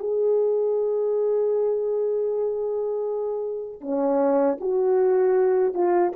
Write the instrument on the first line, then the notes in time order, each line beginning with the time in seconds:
horn
0.00 G#4
3.81 C#4
4.61 F#4
5.74 F4